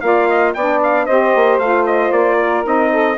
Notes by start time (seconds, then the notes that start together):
0.00 A#3 F4 D5 F5
0.28 D#5
0.54 B3 D4 D5 G5
0.83 F5
1.05 C4 G4 C5 D#5
1.35 A#3
1.58 A3 F4 F5
1.86 D#5
2.11 A#3 D5
2.40 A#4
2.63 C4 D#4 D#5
2.91 A4